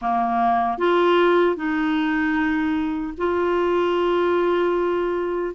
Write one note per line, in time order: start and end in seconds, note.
0.01 0.78 A#3
0.78 1.55 F4
1.55 3.13 D#4
3.17 5.54 F4